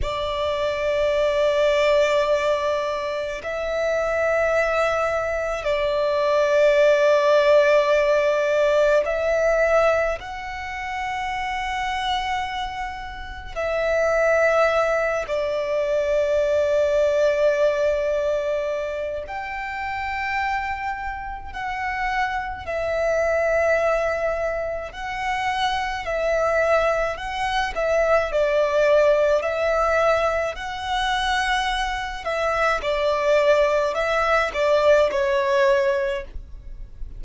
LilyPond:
\new Staff \with { instrumentName = "violin" } { \time 4/4 \tempo 4 = 53 d''2. e''4~ | e''4 d''2. | e''4 fis''2. | e''4. d''2~ d''8~ |
d''4 g''2 fis''4 | e''2 fis''4 e''4 | fis''8 e''8 d''4 e''4 fis''4~ | fis''8 e''8 d''4 e''8 d''8 cis''4 | }